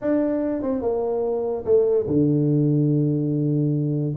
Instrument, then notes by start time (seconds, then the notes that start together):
tuba
0.01 D4
0.62 C4
0.81 A#3
1.65 A3
2.07 D3